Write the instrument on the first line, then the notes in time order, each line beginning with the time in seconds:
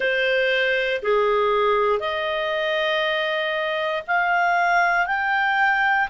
clarinet
0.00 C5
1.02 G#4
1.99 D#5
4.07 F5
5.06 G5